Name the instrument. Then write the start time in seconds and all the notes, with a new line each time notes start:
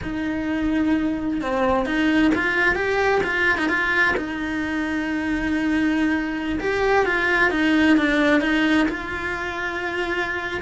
cello
0.03 D#4
1.41 C4
1.85 D#4
2.34 F4
2.75 G4
3.23 F4
3.58 D#4
3.68 F4
4.16 D#4
6.60 G4
7.05 F4
7.51 D#4
7.97 D4
8.40 D#4
8.88 F4